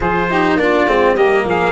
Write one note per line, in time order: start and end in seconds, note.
0.00 0.55 F3
0.00 0.30 F4
0.00 0.29 G#4
0.00 0.58 C5
0.29 0.59 D#4
0.29 0.58 G4
0.55 0.84 A#3
0.55 0.88 D4
0.55 1.15 F4
0.55 1.16 D5
0.86 1.14 G#3
0.86 1.16 C4
1.14 1.43 G3
1.14 1.71 A#3
1.14 1.44 G4
1.14 1.45 D#5
1.44 1.71 F3
1.44 1.71 G#4
1.44 1.71 F5